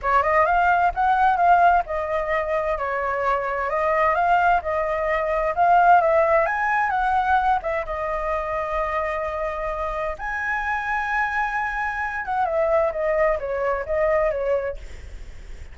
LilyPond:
\new Staff \with { instrumentName = "flute" } { \time 4/4 \tempo 4 = 130 cis''8 dis''8 f''4 fis''4 f''4 | dis''2 cis''2 | dis''4 f''4 dis''2 | f''4 e''4 gis''4 fis''4~ |
fis''8 e''8 dis''2.~ | dis''2 gis''2~ | gis''2~ gis''8 fis''8 e''4 | dis''4 cis''4 dis''4 cis''4 | }